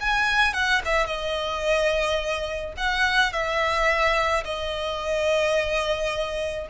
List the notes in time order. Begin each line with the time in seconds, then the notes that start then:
0.00 G#5
0.54 F#5
0.85 E5
1.07 D#5
2.77 F#5
3.33 E5
4.44 D#5